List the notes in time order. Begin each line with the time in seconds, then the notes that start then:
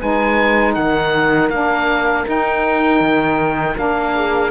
0.00 G#3 D#4 B4 G#5
0.75 D#3 A#4 F#5
1.50 A#3 D4 F5
2.26 D#4 G5
3.00 D#3
3.76 A#3 D4 F5
4.14 G#4